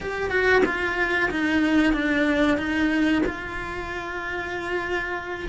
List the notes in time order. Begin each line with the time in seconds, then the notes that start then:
0.00 G4
0.30 F#4
0.65 F4
1.30 D#4
1.93 D4
2.57 D#4
3.26 F4